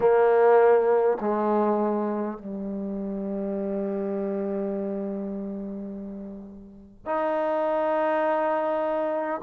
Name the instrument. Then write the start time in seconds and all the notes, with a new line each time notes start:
trombone
0.00 A#3
1.20 G#3
2.37 G3
7.05 D#4